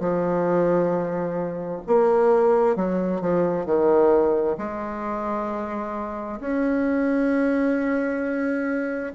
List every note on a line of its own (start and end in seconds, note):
0.00 1.82 F3
1.87 2.76 A#3
2.76 3.21 F#3
3.21 3.66 F3
3.66 4.57 D#3
4.58 6.40 G#3
6.40 9.13 C#4